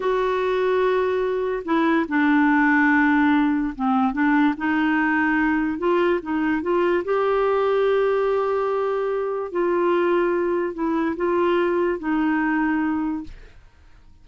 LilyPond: \new Staff \with { instrumentName = "clarinet" } { \time 4/4 \tempo 4 = 145 fis'1 | e'4 d'2.~ | d'4 c'4 d'4 dis'4~ | dis'2 f'4 dis'4 |
f'4 g'2.~ | g'2. f'4~ | f'2 e'4 f'4~ | f'4 dis'2. | }